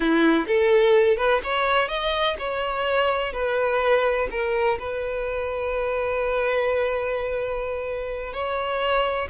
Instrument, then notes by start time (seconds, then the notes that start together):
violin
0.00 E4
0.47 A4
1.17 B4
1.43 C#5
1.88 D#5
2.38 C#5
3.32 B4
4.30 A#4
4.79 B4
8.33 C#5